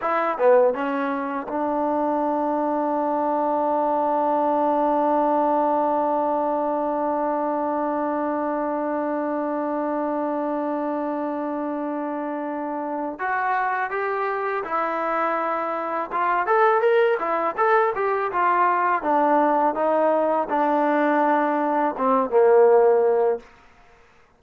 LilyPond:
\new Staff \with { instrumentName = "trombone" } { \time 4/4 \tempo 4 = 82 e'8 b8 cis'4 d'2~ | d'1~ | d'1~ | d'1~ |
d'2 fis'4 g'4 | e'2 f'8 a'8 ais'8 e'8 | a'8 g'8 f'4 d'4 dis'4 | d'2 c'8 ais4. | }